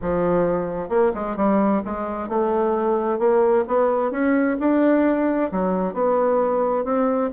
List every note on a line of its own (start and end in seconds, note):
0.01 0.89 F3
0.89 1.12 A#3
1.14 1.36 G#3
1.36 1.82 G3
1.84 2.28 G#3
2.28 3.18 A3
3.18 3.64 A#3
3.67 4.11 B3
4.11 4.57 C#4
4.59 5.51 D4
5.51 5.93 F#3
5.93 6.84 B3
6.84 7.30 C4